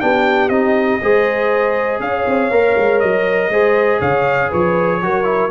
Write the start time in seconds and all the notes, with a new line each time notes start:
0.00 B3 D4 G4 G5
0.49 C4 D#4 D#5
1.01 G#3 G#4 C5
1.99 C#4 C#5 F5
2.27 C4
2.51 A#3 A#4
2.77 G#3
3.00 F#3 D#5
3.49 G#3 G#4 C5
3.99 C#3 C#5 F5
4.49 F3 B4 C#5
5.01 F#3 F#4 A#4
5.24 E4